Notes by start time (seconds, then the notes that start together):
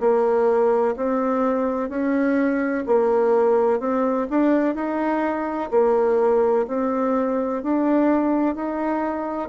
0.00 A#3
0.97 C4
1.89 C#4
2.87 A#3
3.80 C4
4.30 D4
4.75 D#4
5.71 A#3
6.68 C4
7.63 D4
8.55 D#4